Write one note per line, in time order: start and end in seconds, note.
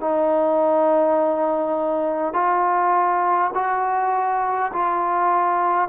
0.00 2.33 D#4
2.33 3.51 F4
3.54 4.72 F#4
4.73 5.88 F4